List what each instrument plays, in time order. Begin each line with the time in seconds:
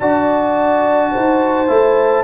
0.00 tuba D4, trombone F#4, horn D5, trumpet A5
1.12 tuba D#4, horn C5
1.68 tuba A3, trombone E4